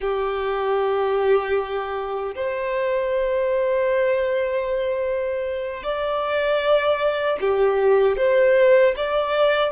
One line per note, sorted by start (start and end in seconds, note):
0.00 2.34 G4
2.35 5.83 C5
5.83 7.38 D5
7.40 8.16 G4
8.16 8.94 C5
8.96 9.72 D5